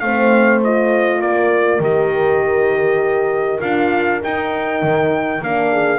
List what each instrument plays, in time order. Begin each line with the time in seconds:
0.00 double bass A3, horn C4 C5, trumpet F5
0.64 horn F4, trumpet D#5
1.20 double bass A#3, horn A#4, trumpet D5
1.80 double bass D#3, horn G4, trumpet D#5
3.61 double bass D4, horn F4, trumpet F5
4.23 horn D#4, double bass D#4, trumpet G5
4.83 double bass D#3
5.42 double bass A#3, horn D4, trumpet F5
5.72 horn G#4